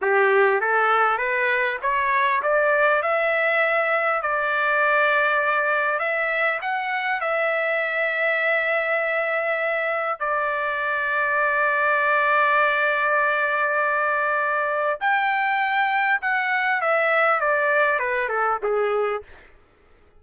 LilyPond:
\new Staff \with { instrumentName = "trumpet" } { \time 4/4 \tempo 4 = 100 g'4 a'4 b'4 cis''4 | d''4 e''2 d''4~ | d''2 e''4 fis''4 | e''1~ |
e''4 d''2.~ | d''1~ | d''4 g''2 fis''4 | e''4 d''4 b'8 a'8 gis'4 | }